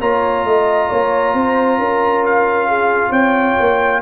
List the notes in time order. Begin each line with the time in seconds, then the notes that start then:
0.00 A#3 F4 C#5 A#5
0.44 A3 D#5
0.89 A#3 C#5
1.33 C4 C5
1.78 C#4 A#4
2.25 F5
2.68 G#4
3.09 C4 C#5 G5
3.60 A#3